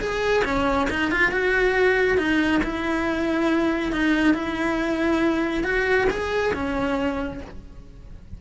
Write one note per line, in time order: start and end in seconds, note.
0.00 0.43 G#4
0.44 0.88 C#4
0.90 1.12 D#4
1.12 1.32 F4
1.32 2.18 F#4
2.18 2.61 D#4
2.63 3.93 E4
3.93 4.34 D#4
4.34 5.64 E4
5.64 6.08 F#4
6.10 6.54 G#4
6.54 7.41 C#4